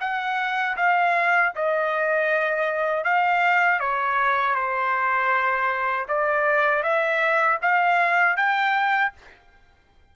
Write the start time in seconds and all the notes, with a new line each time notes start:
0.00 F#5
0.76 F5
1.55 D#5
3.04 F5
3.80 C#5
4.54 C5
6.08 D5
6.83 E5
7.62 F5
8.36 G5